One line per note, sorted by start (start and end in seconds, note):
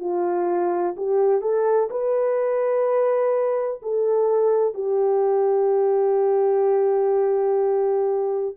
0.00 0.95 F4
0.97 1.42 G4
1.42 1.90 A4
1.90 3.81 B4
3.82 4.74 A4
4.74 8.55 G4